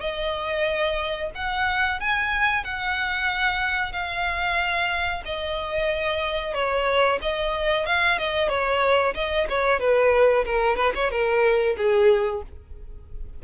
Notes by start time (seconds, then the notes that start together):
0.00 D#5
1.34 F#5
2.00 G#5
2.64 F#5
3.92 F5
5.25 D#5
6.53 C#5
7.21 D#5
7.86 F5
8.18 D#5
8.48 C#5
9.14 D#5
9.49 C#5
9.79 B4
10.45 A#4
10.76 B4
10.94 C#5
11.10 A#4
11.77 G#4